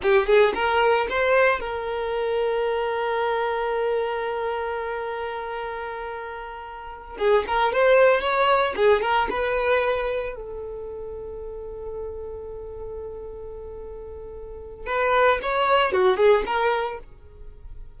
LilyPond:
\new Staff \with { instrumentName = "violin" } { \time 4/4 \tempo 4 = 113 g'8 gis'8 ais'4 c''4 ais'4~ | ais'1~ | ais'1~ | ais'4. gis'8 ais'8 c''4 cis''8~ |
cis''8 gis'8 ais'8 b'2 a'8~ | a'1~ | a'1 | b'4 cis''4 fis'8 gis'8 ais'4 | }